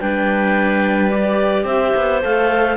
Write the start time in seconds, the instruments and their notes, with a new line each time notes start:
0.00 cello G3, viola D4, clarinet B4 G5
1.10 viola G4, clarinet D5
1.64 cello C4, clarinet C5 E5
1.96 cello B3
2.22 cello A3, viola A4, clarinet F5